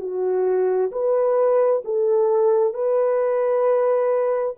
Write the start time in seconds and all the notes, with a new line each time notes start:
0.00 F#4
0.91 B4
1.84 A4
2.74 B4